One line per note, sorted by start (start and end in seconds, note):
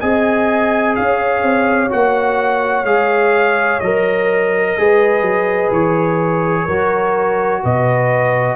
0.00 0.97 C4
0.00 1.89 G#4
0.00 0.95 D#5
0.00 0.95 G#5
0.96 1.42 C#4
0.96 4.78 C#5
0.96 1.91 F5
1.42 1.90 C4
1.89 2.84 A#3
1.89 2.85 F#4
1.89 2.85 F#5
2.84 3.79 G#3
2.84 3.81 G#4
2.84 3.80 F5
3.80 4.77 F#3
3.80 4.78 A#4
3.80 5.70 D#5
4.78 5.21 G#3
4.78 6.68 G#4
4.78 6.65 B4
5.21 5.69 F#3
5.71 6.66 E3
5.71 7.63 C#5
6.65 7.63 F#3
6.65 8.56 F#4
6.65 7.60 A#4
7.63 8.56 B2
7.63 8.56 B4
7.63 8.56 D#5